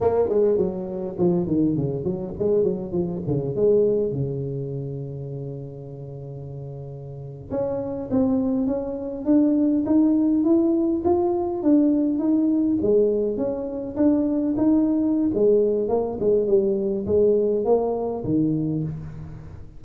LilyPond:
\new Staff \with { instrumentName = "tuba" } { \time 4/4 \tempo 4 = 102 ais8 gis8 fis4 f8 dis8 cis8 fis8 | gis8 fis8 f8 cis8 gis4 cis4~ | cis1~ | cis8. cis'4 c'4 cis'4 d'16~ |
d'8. dis'4 e'4 f'4 d'16~ | d'8. dis'4 gis4 cis'4 d'16~ | d'8. dis'4~ dis'16 gis4 ais8 gis8 | g4 gis4 ais4 dis4 | }